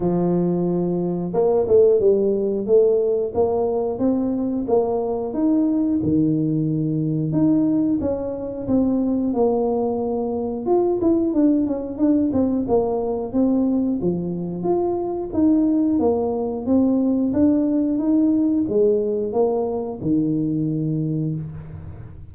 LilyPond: \new Staff \with { instrumentName = "tuba" } { \time 4/4 \tempo 4 = 90 f2 ais8 a8 g4 | a4 ais4 c'4 ais4 | dis'4 dis2 dis'4 | cis'4 c'4 ais2 |
f'8 e'8 d'8 cis'8 d'8 c'8 ais4 | c'4 f4 f'4 dis'4 | ais4 c'4 d'4 dis'4 | gis4 ais4 dis2 | }